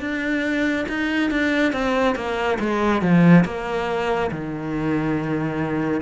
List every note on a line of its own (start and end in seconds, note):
0.00 0.86 D4
0.88 1.31 D#4
1.31 1.73 D4
1.73 2.15 C4
2.15 2.58 A#3
2.59 3.02 G#3
3.02 3.44 F3
3.45 4.31 A#3
4.31 6.01 D#3